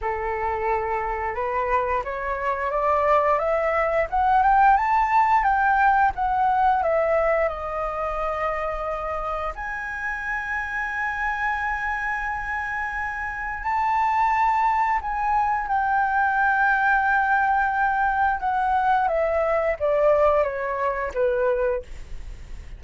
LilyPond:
\new Staff \with { instrumentName = "flute" } { \time 4/4 \tempo 4 = 88 a'2 b'4 cis''4 | d''4 e''4 fis''8 g''8 a''4 | g''4 fis''4 e''4 dis''4~ | dis''2 gis''2~ |
gis''1 | a''2 gis''4 g''4~ | g''2. fis''4 | e''4 d''4 cis''4 b'4 | }